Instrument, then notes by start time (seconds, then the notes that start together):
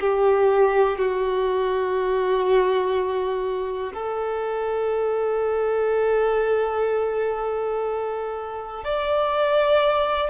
violin
0.00 G4
0.98 F#4
3.93 A4
8.84 D5